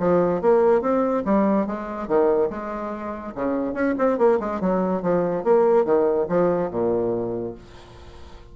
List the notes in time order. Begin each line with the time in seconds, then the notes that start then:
0.00 F3
0.42 A#3
0.82 C4
1.25 G3
1.67 G#3
2.08 D#3
2.50 G#3
3.35 C#3
3.74 C#4
3.99 C4
4.18 A#3
4.40 G#3
4.61 F#3
5.03 F3
5.44 A#3
5.85 D#3
6.29 F3
6.71 A#2